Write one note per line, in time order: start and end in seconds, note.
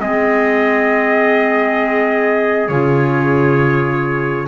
0.00 2.69 G#3
0.00 2.69 C4
0.00 4.48 G#4
0.00 2.68 D#5
2.68 4.48 C#3
2.68 4.48 F4
2.68 4.47 C#5